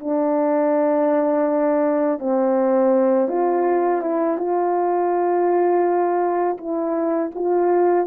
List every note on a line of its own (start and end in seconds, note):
0.00 2.19 D4
2.19 3.28 C4
3.28 4.01 F4
4.01 4.38 E4
4.38 6.57 F4
6.58 7.31 E4
7.35 8.07 F4